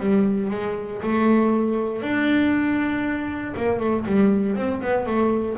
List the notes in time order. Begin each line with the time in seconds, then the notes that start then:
0.00 G3
0.51 G#3
1.02 A3
2.02 D4
3.57 A#3
3.80 A3
4.06 G3
4.56 C4
4.82 B3
5.06 A3